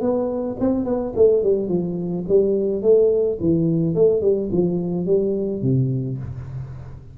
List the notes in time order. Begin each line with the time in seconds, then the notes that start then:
0.00 B3
0.59 C4
0.84 B3
1.15 A3
1.42 G3
1.68 F3
2.28 G3
2.82 A3
3.40 E3
3.94 A3
4.21 G3
4.51 F3
5.06 G3
5.62 C3